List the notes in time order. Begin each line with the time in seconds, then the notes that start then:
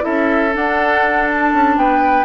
0.00 C#4 E4 A4 E5
0.54 D4 F#5
1.30 A5
1.53 C#4
1.76 B3 B4 G5